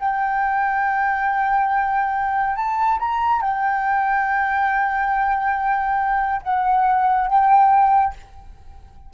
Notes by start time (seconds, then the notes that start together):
0.00 G5
2.56 A5
2.99 A#5
3.42 G5
6.42 F#5
7.28 G5